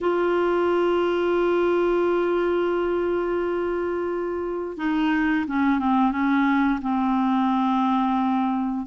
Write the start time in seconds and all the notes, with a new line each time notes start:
0.00 F4
4.77 D#4
5.47 C#4
5.79 C4
6.11 C#4
6.82 C4